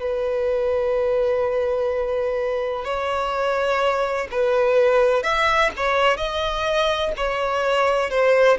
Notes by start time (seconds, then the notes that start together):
0.00 B4
2.85 C#5
4.31 B4
5.23 E5
5.77 C#5
6.17 D#5
7.17 C#5
8.10 C5